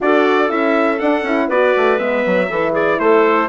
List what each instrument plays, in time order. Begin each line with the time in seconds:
0.00 bassoon D4, horn F#4, clarinet A4, trumpet D5
0.48 bassoon C#4, horn E4, trumpet E5
0.99 bassoon D4, horn D4, trumpet F#5
1.22 bassoon C#4, horn E4
1.47 bassoon B3, horn F#4, clarinet B4, trumpet D5
1.76 bassoon A3
1.98 bassoon G#3, horn B3, trumpet E5
2.26 bassoon F#3
2.48 bassoon E3, horn E4, clarinet A4
2.72 clarinet G#4, trumpet D5
2.99 bassoon A3, clarinet A4, trumpet C5